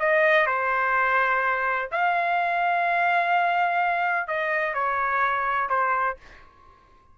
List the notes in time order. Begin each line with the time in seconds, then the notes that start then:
0.00 D#5
0.47 C5
1.92 F5
4.28 D#5
4.74 C#5
5.70 C5